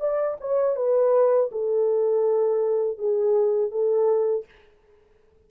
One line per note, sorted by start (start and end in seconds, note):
0.00 0.37 D5
0.40 0.76 C#5
0.76 1.50 B4
1.52 2.98 A4
2.98 3.71 G#4
3.71 4.45 A4